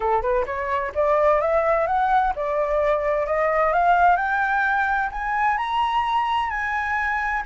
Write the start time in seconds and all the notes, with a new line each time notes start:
0.00 A4
0.22 B4
0.45 C#5
0.94 D5
1.40 E5
1.86 F#5
2.35 D5
3.26 D#5
3.73 F5
4.16 G5
5.11 G#5
5.57 A#5
6.49 G#5